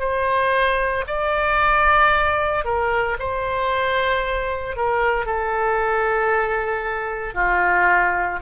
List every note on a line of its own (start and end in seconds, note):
0.00 1.05 C5
1.07 2.65 D5
2.65 3.18 A#4
3.20 4.77 C5
4.77 5.26 A#4
5.26 7.34 A4
7.34 8.40 F4